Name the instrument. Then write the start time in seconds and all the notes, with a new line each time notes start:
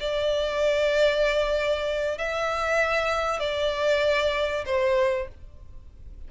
violin
0.00 D5
2.18 E5
3.40 D5
4.66 C5